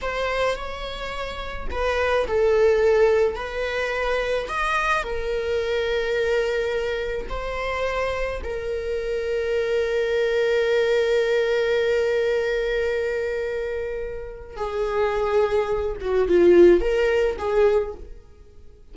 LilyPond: \new Staff \with { instrumentName = "viola" } { \time 4/4 \tempo 4 = 107 c''4 cis''2 b'4 | a'2 b'2 | dis''4 ais'2.~ | ais'4 c''2 ais'4~ |
ais'1~ | ais'1~ | ais'2 gis'2~ | gis'8 fis'8 f'4 ais'4 gis'4 | }